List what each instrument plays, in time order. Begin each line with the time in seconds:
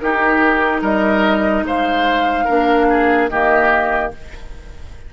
0.00 clarinet D#4, bassoon D#4, oboe G4, flute A#4
0.82 bassoon G3, oboe A#4, flute D#5
1.63 bassoon G#3, oboe C5, flute F5
2.45 bassoon A#3, clarinet D4, oboe A#4
2.90 oboe G#4
3.29 bassoon D#3, clarinet A#3, oboe G4, flute D#5